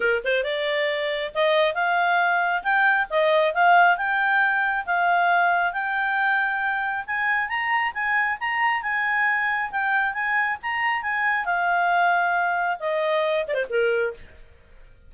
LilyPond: \new Staff \with { instrumentName = "clarinet" } { \time 4/4 \tempo 4 = 136 ais'8 c''8 d''2 dis''4 | f''2 g''4 dis''4 | f''4 g''2 f''4~ | f''4 g''2. |
gis''4 ais''4 gis''4 ais''4 | gis''2 g''4 gis''4 | ais''4 gis''4 f''2~ | f''4 dis''4. d''16 c''16 ais'4 | }